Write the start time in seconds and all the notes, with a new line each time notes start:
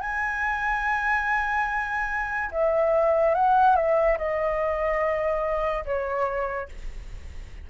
0.00 G#5
2.51 E5
3.34 F#5
3.75 E5
4.18 D#5
5.85 C#5